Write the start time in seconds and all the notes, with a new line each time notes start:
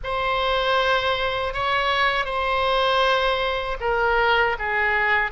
0.03 C5
1.53 C#5
2.25 C5
3.80 A#4
4.58 G#4